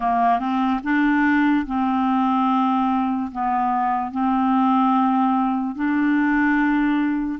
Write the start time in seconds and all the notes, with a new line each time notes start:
0.00 A#3
0.39 C4
0.83 D4
1.66 C4
3.31 B3
4.11 C4
5.75 D4